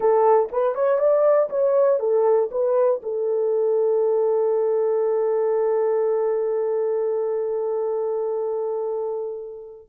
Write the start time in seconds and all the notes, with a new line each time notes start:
0.00 A4
0.52 B4
0.74 C#5
0.99 D5
1.49 C#5
1.99 A4
2.51 B4
3.02 A4